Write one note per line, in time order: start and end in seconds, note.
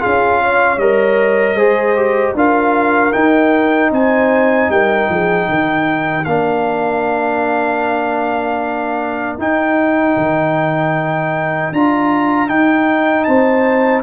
0.00 0.78 F4
0.00 0.40 G#4
0.00 0.79 F5
0.06 0.78 C#4
0.43 1.57 C#5
0.78 1.55 G3
0.78 1.58 A#4
0.78 2.35 D#5
1.55 2.33 G#3
1.55 1.97 G#4
1.55 2.35 C5
1.97 2.36 G4
2.35 3.13 D4
2.35 3.13 F4
2.35 3.92 A#4
2.35 3.13 F5
3.13 6.25 D#4
3.13 3.92 D#4
3.13 3.91 G5
3.92 4.70 C4
3.92 4.70 C5
3.92 4.71 G#5
4.70 5.09 G3
4.70 5.11 A#4
4.70 6.25 G5
5.09 5.48 F3
5.09 5.49 G#4
5.49 6.26 D#3
5.49 13.27 A#4
6.25 9.38 A#3
6.25 9.40 D4
6.25 9.37 F5
9.38 10.16 D#4
9.38 11.74 D#4
9.38 11.74 G5
10.17 11.72 D#3
11.72 12.50 D4
11.72 12.49 F4
11.72 12.49 A#5
12.49 14.03 D#4
12.49 13.28 D#4
12.49 13.24 G5
13.24 14.03 C4
13.24 14.03 C5
13.24 14.02 A5